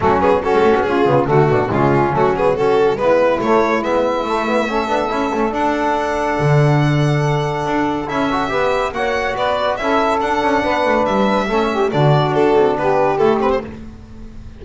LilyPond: <<
  \new Staff \with { instrumentName = "violin" } { \time 4/4 \tempo 4 = 141 fis'8 gis'8 a'4 gis'4 fis'4 | f'4 fis'8 gis'8 a'4 b'4 | cis''4 e''2.~ | e''4 fis''2.~ |
fis''2. e''4~ | e''4 fis''4 d''4 e''4 | fis''2 e''2 | d''4 a'4 b'4 a'8 b'16 c''16 | }
  \new Staff \with { instrumentName = "saxophone" } { \time 4/4 cis'4 fis'4 f'4 fis'8 d'8 | cis'2 fis'4 e'4~ | e'2. a'4~ | a'1~ |
a'1 | b'4 cis''4 b'4 a'4~ | a'4 b'2 a'8 g'8 | fis'2 g'2 | }
  \new Staff \with { instrumentName = "trombone" } { \time 4/4 a8 b8 cis'4. b8 a4 | gis4 a8 b8 cis'4 b4 | a4 b4 a8 b8 cis'8 d'8 | e'8 cis'8 d'2.~ |
d'2. e'8 fis'8 | g'4 fis'2 e'4 | d'2. cis'4 | d'2. e'8 c'8 | }
  \new Staff \with { instrumentName = "double bass" } { \time 4/4 fis4~ fis16 gis16 a16 b16 cis'8 cis8 d8 b,8 | cis4 fis2 gis4 | a4 gis4 a4. b8 | cis'8 a8 d'2 d4~ |
d2 d'4 cis'4 | b4 ais4 b4 cis'4 | d'8 cis'8 b8 a8 g4 a4 | d4 d'8 c'8 b4 a4 | }
>>